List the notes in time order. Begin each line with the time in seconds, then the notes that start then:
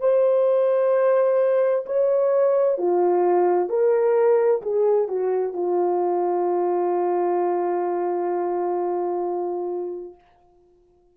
0.00 C5
1.86 C#5
2.78 F4
3.69 A#4
4.62 G#4
5.08 F#4
5.53 F4